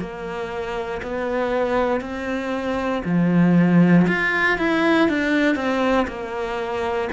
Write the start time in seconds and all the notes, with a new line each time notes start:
0.00 A#3
1.03 B3
2.01 C4
3.05 F3
4.08 F4
4.58 E4
5.09 D4
5.56 C4
6.08 A#3